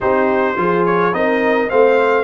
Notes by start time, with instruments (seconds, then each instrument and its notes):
0.00 tuba C4, trombone D#4, horn G4, trumpet C5
0.56 tuba F3, trombone F4, horn G#4
0.85 trumpet C#5
1.12 tuba C4, trombone D#4, horn A#4, trumpet D#5
1.69 tuba A3, trombone C4, horn C5, trumpet F5